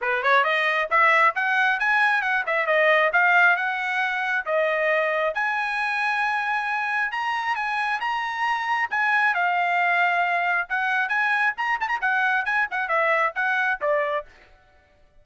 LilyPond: \new Staff \with { instrumentName = "trumpet" } { \time 4/4 \tempo 4 = 135 b'8 cis''8 dis''4 e''4 fis''4 | gis''4 fis''8 e''8 dis''4 f''4 | fis''2 dis''2 | gis''1 |
ais''4 gis''4 ais''2 | gis''4 f''2. | fis''4 gis''4 ais''8 a''16 ais''16 fis''4 | gis''8 fis''8 e''4 fis''4 d''4 | }